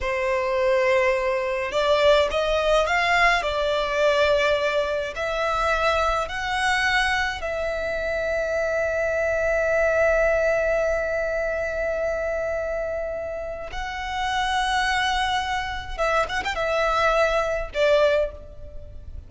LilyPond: \new Staff \with { instrumentName = "violin" } { \time 4/4 \tempo 4 = 105 c''2. d''4 | dis''4 f''4 d''2~ | d''4 e''2 fis''4~ | fis''4 e''2.~ |
e''1~ | e''1 | fis''1 | e''8 fis''16 g''16 e''2 d''4 | }